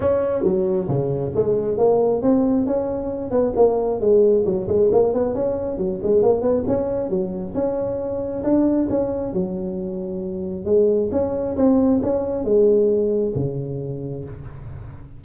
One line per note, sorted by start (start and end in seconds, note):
0.00 0.43 C#4
0.43 0.87 F#3
0.88 1.33 C#3
1.35 1.77 G#3
1.77 2.22 A#3
2.22 2.66 C4
2.66 3.31 C#4
3.31 3.53 B3
3.56 4.00 A#3
4.00 4.44 G#3
4.45 4.67 F#3
4.67 4.90 G#3
4.91 5.13 A#3
5.13 5.34 B3
5.34 5.77 C#4
5.77 5.99 F#3
6.02 6.22 G#3
6.22 6.41 A#3
6.41 6.64 B3
6.67 7.09 C#4
7.09 7.54 F#3
7.54 8.43 C#4
8.43 8.88 D4
8.89 9.33 C#4
9.33 10.65 F#3
10.65 11.09 G#3
11.11 11.56 C#4
11.56 12.00 C4
12.02 12.44 C#4
12.44 13.33 G#3
13.35 14.24 C#3